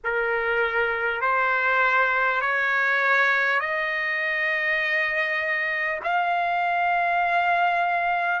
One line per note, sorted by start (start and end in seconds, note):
0.04 1.21 A#4
1.21 2.41 C5
2.41 3.60 C#5
3.60 6.00 D#5
6.03 8.40 F5